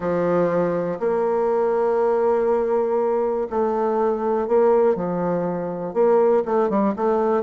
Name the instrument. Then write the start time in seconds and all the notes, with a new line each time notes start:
bassoon
0.00 F3
0.99 A#3
3.50 A3
4.47 A#3
4.95 F3
5.93 A#3
6.45 A3
6.69 G3
6.96 A3